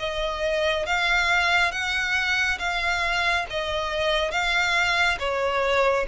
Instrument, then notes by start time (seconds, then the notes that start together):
violin
0.00 D#5
0.87 F5
1.72 F#5
2.59 F5
3.51 D#5
4.32 F5
5.20 C#5